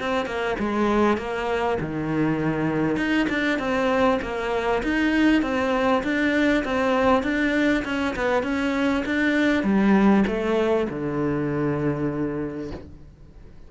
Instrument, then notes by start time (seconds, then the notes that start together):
cello
0.00 C4
0.26 A#3
0.59 G#3
1.18 A#3
1.80 D#3
2.97 D#4
3.30 D4
3.59 C4
4.22 A#3
4.83 D#4
5.43 C4
6.04 D4
6.65 C4
7.23 D4
7.85 C#4
8.16 B3
8.44 C#4
9.06 D4
9.64 G3
10.27 A3
10.90 D3